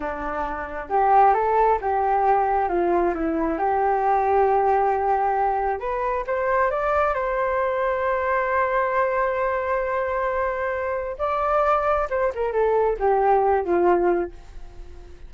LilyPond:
\new Staff \with { instrumentName = "flute" } { \time 4/4 \tempo 4 = 134 d'2 g'4 a'4 | g'2 f'4 e'4 | g'1~ | g'4 b'4 c''4 d''4 |
c''1~ | c''1~ | c''4 d''2 c''8 ais'8 | a'4 g'4. f'4. | }